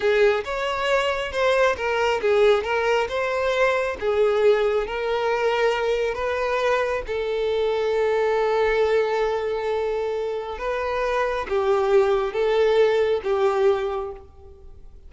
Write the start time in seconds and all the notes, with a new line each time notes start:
0.00 G#4
0.44 C#5
1.32 C5
1.76 A#4
2.21 G#4
2.63 A#4
3.08 C5
3.99 G#4
4.86 A#4
6.14 B4
7.06 A4
10.58 B4
11.48 G4
12.33 A4
13.23 G4